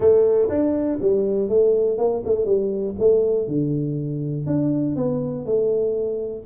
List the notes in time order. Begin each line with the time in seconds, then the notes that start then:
0.00 A3
0.49 D4
1.01 G3
1.49 A3
1.98 A#3
2.25 A3
2.45 G3
2.99 A3
3.47 D3
4.46 D4
4.96 B3
5.45 A3